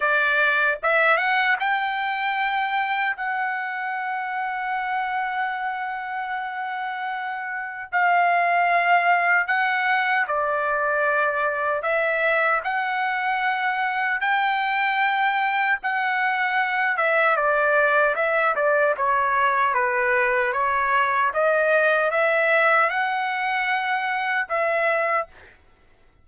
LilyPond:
\new Staff \with { instrumentName = "trumpet" } { \time 4/4 \tempo 4 = 76 d''4 e''8 fis''8 g''2 | fis''1~ | fis''2 f''2 | fis''4 d''2 e''4 |
fis''2 g''2 | fis''4. e''8 d''4 e''8 d''8 | cis''4 b'4 cis''4 dis''4 | e''4 fis''2 e''4 | }